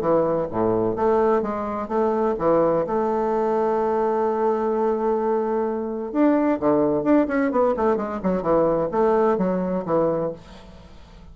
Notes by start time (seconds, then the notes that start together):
0.00 E3
0.50 A2
0.95 A3
1.42 G#3
1.88 A3
2.38 E3
2.86 A3
6.12 D4
6.59 D3
7.03 D4
7.27 C#4
7.51 B3
7.76 A3
7.96 G#3
8.22 F#3
8.42 E3
8.91 A3
9.37 F#3
9.85 E3